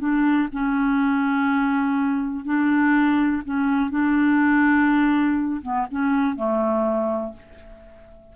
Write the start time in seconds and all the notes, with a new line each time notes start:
0.00 D4
0.53 C#4
2.45 D4
3.45 C#4
3.91 D4
5.62 B3
5.91 C#4
6.36 A3